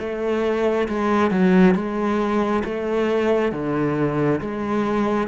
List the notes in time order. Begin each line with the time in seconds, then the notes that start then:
0.00 A3
0.89 G#3
1.31 F#3
1.75 G#3
2.65 A3
3.53 D3
4.41 G#3